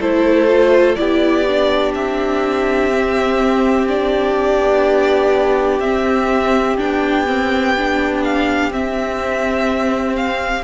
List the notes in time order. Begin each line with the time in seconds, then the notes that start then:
0.00 A3 E4 A4 C5
0.48 F4
0.96 B3 E4 G4 D5
1.48 D4
1.95 C4 E5
2.92 C4
3.88 D4 D5
4.60 B3
5.80 C4 E5
6.78 B3 D4 G5
7.27 C4
7.78 D4
8.24 F5
8.72 C4 E5
10.16 F5